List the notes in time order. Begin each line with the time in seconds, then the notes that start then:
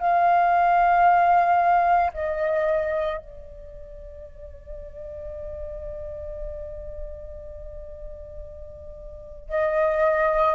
0.00 F5
2.14 D#5
3.18 D5
9.49 D#5